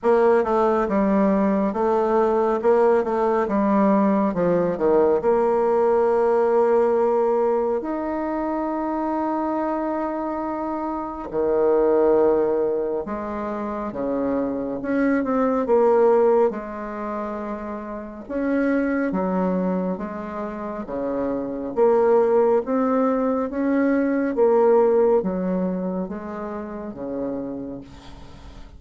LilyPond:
\new Staff \with { instrumentName = "bassoon" } { \time 4/4 \tempo 4 = 69 ais8 a8 g4 a4 ais8 a8 | g4 f8 dis8 ais2~ | ais4 dis'2.~ | dis'4 dis2 gis4 |
cis4 cis'8 c'8 ais4 gis4~ | gis4 cis'4 fis4 gis4 | cis4 ais4 c'4 cis'4 | ais4 fis4 gis4 cis4 | }